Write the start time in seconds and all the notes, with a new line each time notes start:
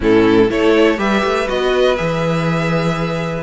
0.00 A2 C#4 E4 A4
0.48 A3 E4 A4 C#5
0.97 G3 G4 B4 E5
1.24 A3
1.47 B3 F#4 D#5
1.96 E3 G#4 E5